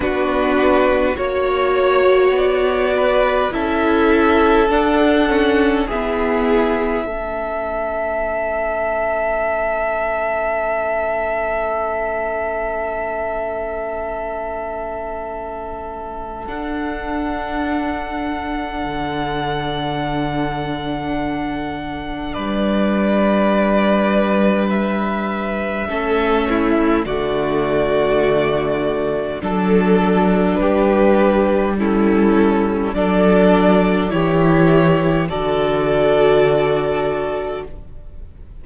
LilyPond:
<<
  \new Staff \with { instrumentName = "violin" } { \time 4/4 \tempo 4 = 51 b'4 cis''4 d''4 e''4 | fis''4 e''2.~ | e''1~ | e''2 fis''2~ |
fis''2. d''4~ | d''4 e''2 d''4~ | d''4 a'4 b'4 a'4 | d''4 cis''4 d''2 | }
  \new Staff \with { instrumentName = "violin" } { \time 4/4 fis'4 cis''4. b'8 a'4~ | a'4 gis'4 a'2~ | a'1~ | a'1~ |
a'2. b'4~ | b'2 a'8 e'8 fis'4~ | fis'4 a'4 g'4 e'4 | a'4 g'4 a'2 | }
  \new Staff \with { instrumentName = "viola" } { \time 4/4 d'4 fis'2 e'4 | d'8 cis'8 b4 cis'2~ | cis'1~ | cis'2 d'2~ |
d'1~ | d'2 cis'4 a4~ | a4 d'2 cis'4 | d'4 e'4 fis'2 | }
  \new Staff \with { instrumentName = "cello" } { \time 4/4 b4 ais4 b4 cis'4 | d'4 e'4 a2~ | a1~ | a2 d'2 |
d2. g4~ | g2 a4 d4~ | d4 fis4 g2 | fis4 e4 d2 | }
>>